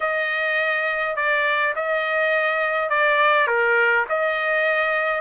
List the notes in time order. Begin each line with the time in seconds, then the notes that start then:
0.00 D#5
1.15 D5
1.75 D#5
2.89 D5
3.47 A#4
4.09 D#5